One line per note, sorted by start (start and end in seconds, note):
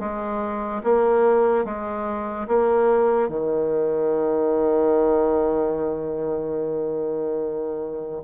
0.00 0.82 G#3
0.84 1.66 A#3
1.66 2.48 G#3
2.48 3.29 A#3
3.29 8.22 D#3